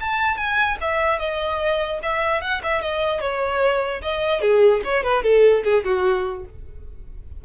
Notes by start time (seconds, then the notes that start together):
0.00 A5
0.37 G#5
0.81 E5
1.19 D#5
2.02 E5
2.41 F#5
2.63 E5
2.81 D#5
3.20 C#5
4.01 D#5
4.41 G#4
4.84 C#5
5.03 B4
5.23 A4
5.63 G#4
5.84 F#4